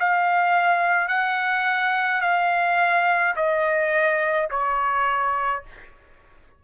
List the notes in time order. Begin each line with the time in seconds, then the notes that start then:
0.00 F5
1.09 F#5
2.21 F5
3.37 D#5
4.51 C#5